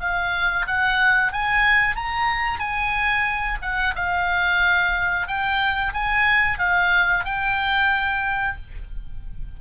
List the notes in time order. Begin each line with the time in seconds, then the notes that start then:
0.00 F5
0.67 F#5
1.32 G#5
1.96 A#5
2.59 G#5
3.62 F#5
3.95 F5
5.27 G5
5.93 G#5
6.58 F5
7.24 G5